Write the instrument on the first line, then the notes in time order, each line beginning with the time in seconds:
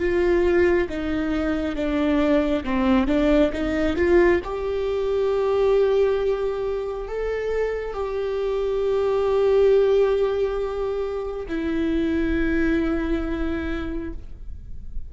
viola
0.00 F4
0.89 D#4
1.76 D4
2.64 C4
3.08 D4
3.53 D#4
3.97 F4
4.44 G4
7.08 A4
7.94 G4
11.49 E4